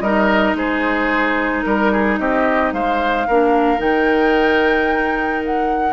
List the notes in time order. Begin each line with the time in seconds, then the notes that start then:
0.00 G3 D#4 A#4 D#5
0.55 G#3 G#4 C5
1.62 G3 A#4
1.92 G#4
2.18 C4 G4 D#5
2.73 G#3 C5 F5
3.27 A#3 D4 A#4
3.77 D#3 D#4 G5
5.45 F#5